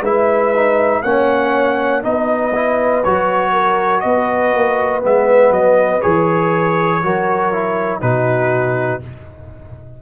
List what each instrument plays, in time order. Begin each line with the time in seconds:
0.00 tuba G#3, trombone E4, horn B4, trumpet E5
0.55 trombone D#4
1.02 tuba A#3, trombone C#4, horn C#5, trumpet F#5
2.02 tuba B3, trombone D#4, horn B4, trumpet D#5
2.54 trombone E4
3.03 tuba F#3, trombone F#4, trumpet C#5
3.52 horn A#4
4.00 tuba B3, horn B4, trumpet D#5
4.54 tuba A#3
5.02 tuba G#3, trombone B3, trumpet E5
5.50 tuba F#3, trumpet D#5
6.01 tuba E3, trombone G#4, trumpet C#5
7.03 tuba F#3, trombone F#4, horn A#4
7.52 trombone E4
8.01 tuba B2, trombone D#4, horn F#4, trumpet B4